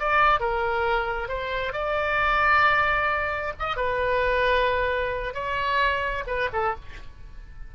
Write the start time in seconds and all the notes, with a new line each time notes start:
0.00 D5
0.41 A#4
1.29 C5
1.73 D5
3.59 D#5
3.77 B4
5.34 C#5
6.27 B4
6.53 A4